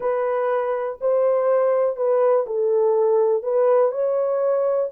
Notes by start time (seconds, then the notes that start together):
0.00 B4
1.00 C5
1.96 B4
2.46 A4
3.42 B4
3.91 C#5